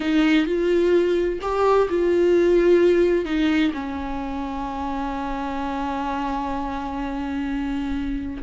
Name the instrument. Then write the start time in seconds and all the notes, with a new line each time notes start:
viola
0.00 D#4
0.46 F4
1.41 G4
1.89 F4
3.25 D#4
3.73 C#4